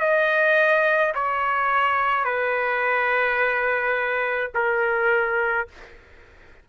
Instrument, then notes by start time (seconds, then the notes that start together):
trumpet
0.00 D#5
1.15 C#5
2.24 B4
4.55 A#4